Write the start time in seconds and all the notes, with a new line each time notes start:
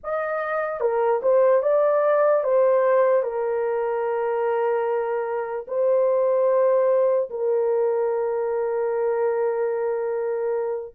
0.03 D#5
0.80 A#4
1.22 C5
1.62 D5
2.43 C5
3.22 A#4
5.67 C5
7.30 A#4